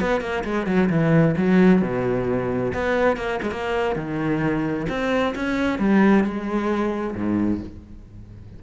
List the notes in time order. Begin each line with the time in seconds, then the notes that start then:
0.00 B3
0.21 A#3
0.44 G#3
0.66 F#3
0.89 E3
1.37 F#3
1.82 B2
2.73 B3
3.17 A#3
3.42 G#3
3.51 A#3
3.95 D#3
4.89 C4
5.35 C#4
5.79 G3
6.24 G#3
7.15 G#2